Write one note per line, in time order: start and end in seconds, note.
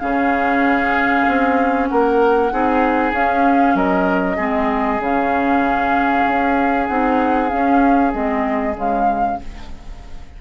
0.00 1.27 C#3
0.00 2.50 C#4
0.00 1.90 G#4
0.00 1.88 F5
1.28 1.90 C4
1.88 2.52 A#3
1.88 2.53 A#4
1.88 3.13 F#5
2.51 3.13 C4
2.51 3.14 D#4
2.51 3.76 G#4
3.13 3.75 C#4
3.13 4.38 C#4
3.13 3.77 F5
3.75 4.38 F#3
3.75 4.37 A#4
3.75 5.02 D#5
4.37 4.99 G#3
4.37 5.00 C4
4.37 9.37 G#4
4.99 6.24 C#3
4.99 6.89 C#4
4.99 6.88 F5
6.27 6.89 C#4
6.88 7.52 C4
6.88 7.49 D#4
6.88 7.50 F#5
7.49 8.12 C#4
7.49 8.14 C#4
7.49 8.12 F5
8.12 8.76 G#3
8.12 8.74 C4
8.12 8.76 D#5
8.74 9.39 C#3
8.74 9.37 G#3
8.74 9.42 F5